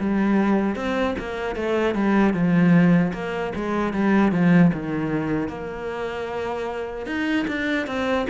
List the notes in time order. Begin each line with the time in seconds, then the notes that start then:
0.00 G3
0.76 C4
1.19 A#3
1.56 A3
1.95 G3
2.34 F3
3.14 A#3
3.56 G#3
3.94 G3
4.32 F3
4.74 D#3
5.49 A#3
7.07 D#4
7.48 D4
7.87 C4